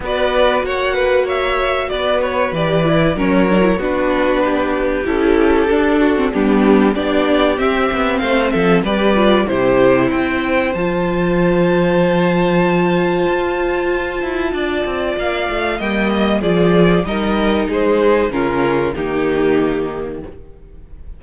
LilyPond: <<
  \new Staff \with { instrumentName = "violin" } { \time 4/4 \tempo 4 = 95 d''4 fis''4 e''4 d''8 cis''8 | d''4 cis''4 b'2 | a'2 g'4 d''4 | e''4 f''8 e''8 d''4 c''4 |
g''4 a''2.~ | a''1 | f''4 g''8 dis''8 d''4 dis''4 | c''4 ais'4 g'2 | }
  \new Staff \with { instrumentName = "violin" } { \time 4/4 b'4 cis''8 b'8 cis''4 b'4~ | b'4 ais'4 fis'4 g'4~ | g'4. fis'8 d'4 g'4~ | g'4 c''8 a'8 b'4 g'4 |
c''1~ | c''2. d''4~ | d''4 dis''4 gis'4 ais'4 | gis'4 f'4 dis'2 | }
  \new Staff \with { instrumentName = "viola" } { \time 4/4 fis'1 | g'8 e'8 cis'8 d'16 e'16 d'2 | e'4 d'8. c'16 b4 d'4 | c'2 g'8 f'8 e'4~ |
e'4 f'2.~ | f'1~ | f'4 ais4 f'4 dis'4~ | dis'4 cis'4 ais2 | }
  \new Staff \with { instrumentName = "cello" } { \time 4/4 b4 ais2 b4 | e4 fis4 b2 | cis'4 d'4 g4 b4 | c'8 b8 a8 f8 g4 c4 |
c'4 f2.~ | f4 f'4. e'8 d'8 c'8 | ais8 a8 g4 f4 g4 | gis4 cis4 dis2 | }
>>